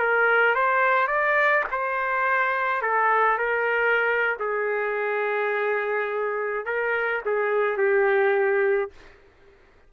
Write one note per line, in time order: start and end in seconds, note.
0.00 0.55 A#4
0.55 1.08 C5
1.08 1.65 D5
1.71 2.82 C5
2.82 3.39 A4
3.39 4.38 A#4
4.40 6.66 G#4
6.66 7.22 A#4
7.26 7.78 G#4
7.78 8.91 G4